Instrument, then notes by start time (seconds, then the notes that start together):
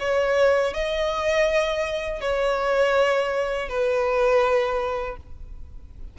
violin
0.00 C#5
0.73 D#5
2.21 C#5
3.69 B4